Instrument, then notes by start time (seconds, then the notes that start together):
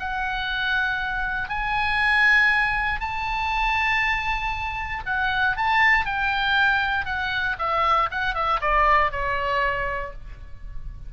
oboe
0.00 F#5
1.49 G#5
3.00 A5
5.06 F#5
5.57 A5
6.06 G5
7.06 F#5
7.59 E5
8.11 F#5
8.35 E5
8.61 D5
9.12 C#5